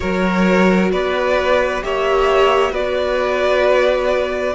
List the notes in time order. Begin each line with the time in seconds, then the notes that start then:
0.00 F#3 F#4 A#4 C#5
0.91 B3 B4 D5
1.81 A#3 G4 C#5 E5
2.71 B3 F#4 B4 D5